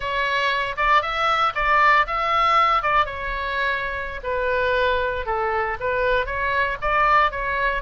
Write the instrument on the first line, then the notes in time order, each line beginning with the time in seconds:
oboe
0.00 C#5
0.76 D5
1.01 E5
1.55 D5
2.07 E5
2.82 D5
3.05 C#5
4.23 B4
5.25 A4
5.80 B4
6.26 C#5
6.81 D5
7.31 C#5